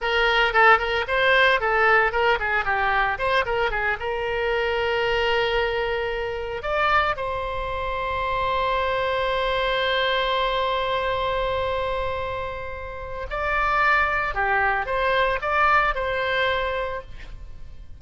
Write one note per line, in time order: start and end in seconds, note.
0.01 0.53 A#4
0.53 0.78 A4
0.78 1.05 A#4
1.07 1.60 C5
1.60 2.12 A4
2.12 2.38 A#4
2.39 2.65 G#4
2.65 3.18 G4
3.18 3.45 C5
3.45 3.70 A#4
3.70 3.97 G#4
3.99 6.62 A#4
6.62 7.15 D5
7.16 13.26 C5
13.29 14.34 D5
14.34 14.86 G4
14.86 15.39 C5
15.41 15.94 D5
15.94 17.01 C5